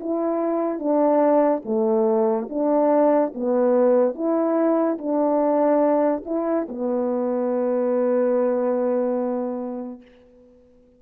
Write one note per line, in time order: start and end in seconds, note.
0.00 0.79 E4
0.79 1.62 D4
1.65 2.48 A3
2.50 3.33 D4
3.34 4.14 B3
4.14 4.98 E4
4.98 6.23 D4
6.25 6.67 E4
6.69 10.02 B3